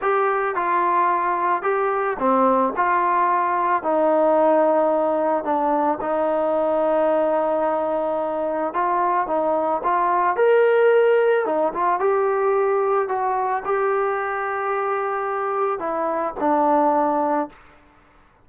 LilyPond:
\new Staff \with { instrumentName = "trombone" } { \time 4/4 \tempo 4 = 110 g'4 f'2 g'4 | c'4 f'2 dis'4~ | dis'2 d'4 dis'4~ | dis'1 |
f'4 dis'4 f'4 ais'4~ | ais'4 dis'8 f'8 g'2 | fis'4 g'2.~ | g'4 e'4 d'2 | }